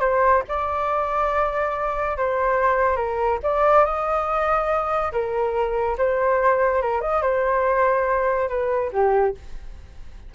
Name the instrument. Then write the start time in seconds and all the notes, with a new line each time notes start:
flute
0.00 C5
0.48 D5
2.17 C5
2.96 A#4
3.43 D5
3.85 D#5
5.12 A#4
5.98 C5
6.82 A#4
7.01 D#5
7.22 C5
8.48 B4
8.92 G4